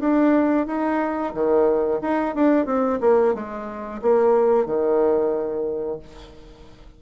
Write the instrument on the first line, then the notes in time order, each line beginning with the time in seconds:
bassoon
0.00 D4
0.67 D#4
1.34 D#3
2.02 D#4
2.35 D4
2.66 C4
3.01 A#3
3.34 G#3
4.02 A#3
4.66 D#3